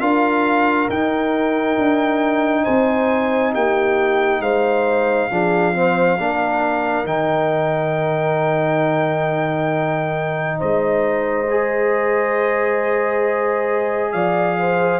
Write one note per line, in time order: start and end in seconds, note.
0.00 0.88 D4
0.00 0.89 F4
0.00 2.63 A#4
0.00 0.88 F5
0.89 1.77 D#4
0.89 5.31 D#4
0.89 2.64 G5
1.77 2.66 D4
2.63 3.55 C4
2.63 3.51 C5
2.63 3.53 G#5
3.53 4.40 A#3
3.53 4.41 G4
3.53 4.41 G5
4.40 5.28 G#3
4.40 5.30 C5
4.40 7.06 F5
5.30 6.18 F3
5.30 5.73 D4
5.30 5.74 G#4
5.73 6.17 C4
5.73 6.18 C5
6.18 7.04 A#3
6.18 7.05 D4
6.18 10.58 A#4
7.04 10.57 D#3
7.04 11.46 D#4
7.04 10.59 G5
10.58 14.13 G#3
10.58 14.11 C5
10.58 14.12 D#5
11.50 15.00 G#4
14.12 15.00 F3
14.12 14.57 D5
14.12 15.00 F5
14.59 15.00 C5